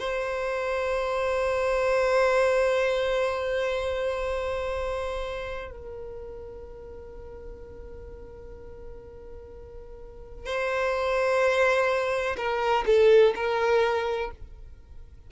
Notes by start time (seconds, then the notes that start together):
0.00 C5
5.71 A#4
10.46 C5
12.38 A#4
12.87 A4
13.36 A#4